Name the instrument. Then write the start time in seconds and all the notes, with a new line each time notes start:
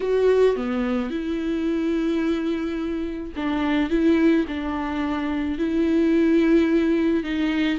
viola
0.00 F#4
0.56 B3
1.10 E4
3.36 D4
3.90 E4
4.47 D4
5.58 E4
7.23 D#4